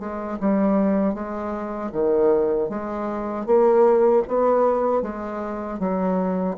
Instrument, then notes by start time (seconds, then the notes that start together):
bassoon
0.00 G#3
0.41 G3
1.14 G#3
1.93 D#3
2.70 G#3
3.47 A#3
4.28 B3
5.02 G#3
5.79 F#3